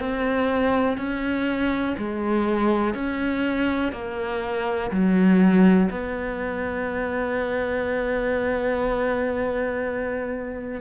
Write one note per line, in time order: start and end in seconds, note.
0.00 0.98 C4
0.98 1.96 C#4
1.98 2.95 G#3
2.95 3.93 C#4
3.93 4.91 A#3
4.92 5.90 F#3
5.91 10.82 B3